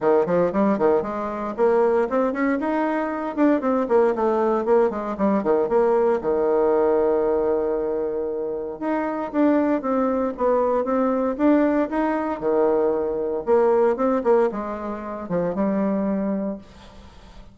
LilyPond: \new Staff \with { instrumentName = "bassoon" } { \time 4/4 \tempo 4 = 116 dis8 f8 g8 dis8 gis4 ais4 | c'8 cis'8 dis'4. d'8 c'8 ais8 | a4 ais8 gis8 g8 dis8 ais4 | dis1~ |
dis4 dis'4 d'4 c'4 | b4 c'4 d'4 dis'4 | dis2 ais4 c'8 ais8 | gis4. f8 g2 | }